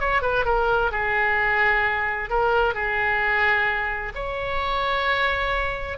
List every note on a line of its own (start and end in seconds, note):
0.00 0.22 C#5
0.22 0.45 B4
0.45 0.91 A#4
0.91 2.30 G#4
2.30 2.74 A#4
2.74 4.13 G#4
4.15 5.98 C#5